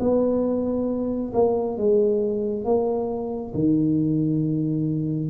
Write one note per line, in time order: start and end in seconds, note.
0.00 1.32 B3
1.33 1.77 A#3
1.77 2.64 G#3
2.64 3.53 A#3
3.54 5.29 D#3